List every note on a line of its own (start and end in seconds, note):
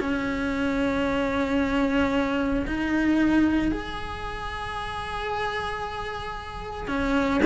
0.00 2.65 C#4
2.66 3.71 D#4
3.71 6.87 G#4
6.87 7.40 C#4